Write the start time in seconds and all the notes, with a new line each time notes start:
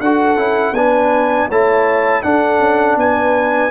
0.00 D4 F#4 A4 F#5
0.36 C#4 E4
0.72 B3 D4 B4 G#5
1.48 A3 E4 C#5 A5
2.22 D4 A4 F#5
2.59 C#4
2.96 B3 B4 G#5